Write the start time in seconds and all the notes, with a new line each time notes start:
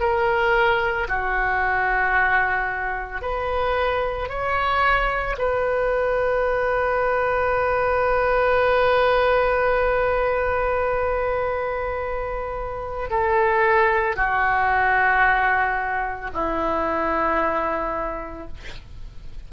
0.00 A#4
1.08 F#4
3.21 B4
4.29 C#5
5.38 B4
13.10 A4
14.16 F#4
16.33 E4